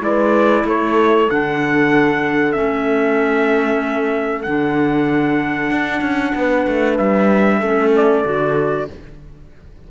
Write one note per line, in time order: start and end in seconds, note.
0.00 0.64 G#3
0.00 1.26 E4
0.00 0.65 B4
0.00 0.66 D5
0.64 1.27 A3
0.64 6.34 A4
0.64 1.29 C#5
1.29 2.57 D3
1.29 2.54 D4
1.29 2.52 F#5
2.52 4.46 A3
2.52 4.43 C#4
2.52 4.42 E5
4.42 5.70 D3
4.42 7.62 D4
4.42 6.95 F#5
5.70 6.01 D4
6.01 6.32 C#4
6.34 6.66 B3
6.34 7.59 B4
6.67 6.99 A3
6.97 7.61 G3
6.97 7.91 E5
7.59 8.24 A3
7.59 8.24 C#4
7.59 8.85 A4
7.95 8.90 D5
8.24 8.88 D3
8.24 8.87 F#4